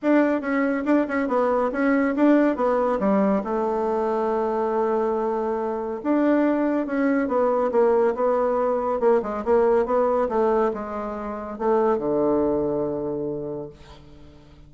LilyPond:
\new Staff \with { instrumentName = "bassoon" } { \time 4/4 \tempo 4 = 140 d'4 cis'4 d'8 cis'8 b4 | cis'4 d'4 b4 g4 | a1~ | a2 d'2 |
cis'4 b4 ais4 b4~ | b4 ais8 gis8 ais4 b4 | a4 gis2 a4 | d1 | }